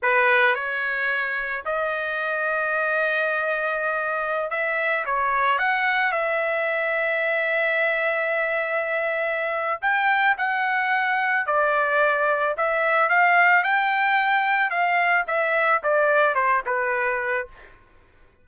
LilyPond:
\new Staff \with { instrumentName = "trumpet" } { \time 4/4 \tempo 4 = 110 b'4 cis''2 dis''4~ | dis''1~ | dis''16 e''4 cis''4 fis''4 e''8.~ | e''1~ |
e''2 g''4 fis''4~ | fis''4 d''2 e''4 | f''4 g''2 f''4 | e''4 d''4 c''8 b'4. | }